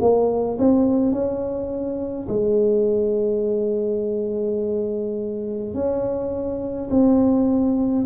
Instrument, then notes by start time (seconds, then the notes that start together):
tuba
0.00 A#3
0.58 C4
1.12 C#4
2.28 G#3
5.74 C#4
6.90 C4